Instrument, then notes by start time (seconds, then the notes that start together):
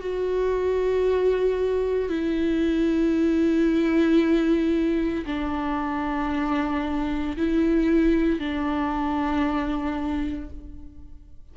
viola
0.00 F#4
2.09 E4
5.26 D4
7.37 E4
8.39 D4